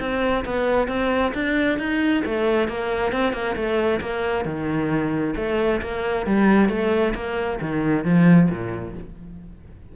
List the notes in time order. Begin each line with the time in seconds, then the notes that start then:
0.00 C4
0.45 B3
0.88 C4
1.34 D4
1.79 D#4
2.25 A3
2.68 A#3
3.12 C4
3.33 A#3
3.56 A3
4.01 A#3
4.45 D#3
5.36 A3
5.81 A#3
6.26 G3
6.69 A3
7.15 A#3
7.61 D#3
8.05 F3
8.50 A#2